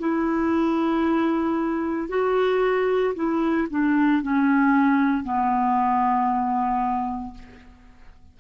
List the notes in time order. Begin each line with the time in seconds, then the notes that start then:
0.00 E4
2.09 F#4
3.15 E4
3.70 D4
4.23 C#4
5.24 B3